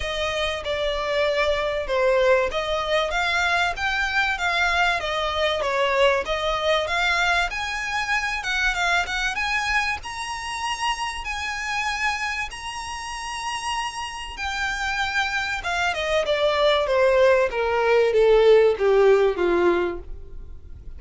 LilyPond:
\new Staff \with { instrumentName = "violin" } { \time 4/4 \tempo 4 = 96 dis''4 d''2 c''4 | dis''4 f''4 g''4 f''4 | dis''4 cis''4 dis''4 f''4 | gis''4. fis''8 f''8 fis''8 gis''4 |
ais''2 gis''2 | ais''2. g''4~ | g''4 f''8 dis''8 d''4 c''4 | ais'4 a'4 g'4 f'4 | }